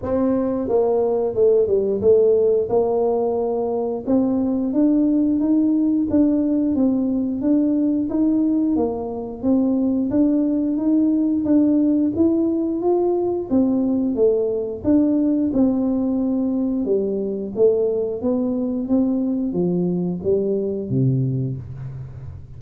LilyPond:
\new Staff \with { instrumentName = "tuba" } { \time 4/4 \tempo 4 = 89 c'4 ais4 a8 g8 a4 | ais2 c'4 d'4 | dis'4 d'4 c'4 d'4 | dis'4 ais4 c'4 d'4 |
dis'4 d'4 e'4 f'4 | c'4 a4 d'4 c'4~ | c'4 g4 a4 b4 | c'4 f4 g4 c4 | }